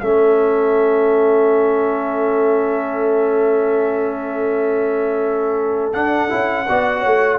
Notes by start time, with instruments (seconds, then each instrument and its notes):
0.00 tuba A3, trombone C#4, horn A4, trumpet E5
5.93 trombone D4, tuba D4, trumpet F#5
6.29 tuba C#4, trombone E4
6.69 tuba B3, trombone F#4, horn D5
7.00 tuba A3, horn C#5